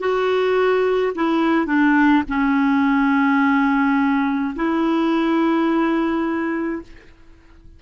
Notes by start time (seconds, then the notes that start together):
0.00 F#4
1.15 E4
1.67 D4
2.29 C#4
4.55 E4